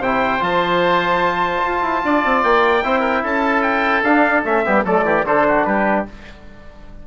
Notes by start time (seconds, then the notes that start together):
0.00 C3 E4 C5 G5
0.40 F3 F4 A5
1.63 F4
1.82 E4
2.05 D4 D5
2.25 C4
2.44 A#3 G5
2.84 C4 E4 C5
3.00 A#4
3.24 C#4 A4 A5
3.63 G5
4.03 D4 F5
4.45 A3 C#4 E5
4.65 G3 B3 G4
4.85 F#3 A3 A4 D5
5.04 E3 G4
5.26 D3 D4 A4 C5
5.48 F#4
5.65 G3 G4 B4